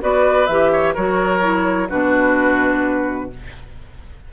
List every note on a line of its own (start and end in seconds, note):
0.00 0.48 B3
0.00 0.47 F#4
0.00 0.72 B4
0.00 0.46 D5
0.46 0.95 E3
0.46 0.96 G4
0.46 0.93 E5
0.72 0.94 C#5
0.94 1.90 F#3
0.94 1.41 F#4
0.94 1.88 A#4
0.94 1.89 C#5
1.41 1.87 E4
1.89 3.32 B2
1.89 3.30 D4
1.89 3.30 F#4
1.89 3.30 B4